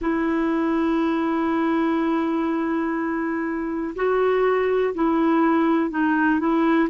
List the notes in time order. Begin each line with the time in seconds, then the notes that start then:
0.01 E4
3.95 F#4
4.94 E4
5.90 D#4
6.39 E4